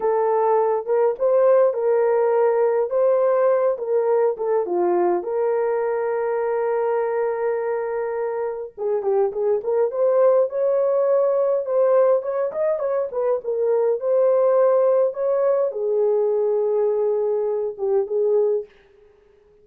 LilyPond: \new Staff \with { instrumentName = "horn" } { \time 4/4 \tempo 4 = 103 a'4. ais'8 c''4 ais'4~ | ais'4 c''4. ais'4 a'8 | f'4 ais'2.~ | ais'2. gis'8 g'8 |
gis'8 ais'8 c''4 cis''2 | c''4 cis''8 dis''8 cis''8 b'8 ais'4 | c''2 cis''4 gis'4~ | gis'2~ gis'8 g'8 gis'4 | }